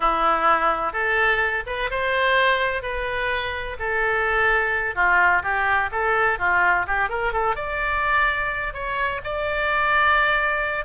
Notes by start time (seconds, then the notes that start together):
0.00 E4
0.92 A4
1.66 B4
1.90 C5
2.82 B4
3.79 A4
4.95 F4
5.42 G4
5.91 A4
6.38 F4
6.87 G4
7.09 A#4
7.32 A4
7.55 D5
8.73 C#5
9.24 D5